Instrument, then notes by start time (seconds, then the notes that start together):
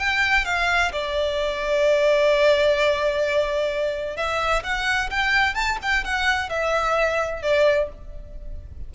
violin
0.00 G5
0.46 F5
0.93 D5
4.17 E5
4.64 F#5
5.11 G5
5.55 A5
5.82 G5
6.05 F#5
6.50 E5
7.43 D5